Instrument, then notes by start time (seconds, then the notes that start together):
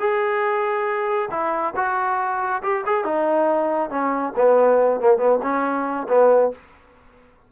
trombone
0.00 G#4
1.31 E4
1.76 F#4
2.63 G4
2.86 G#4
3.05 D#4
3.90 C#4
4.36 B3
5.00 A#3
5.18 B3
5.43 C#4
6.08 B3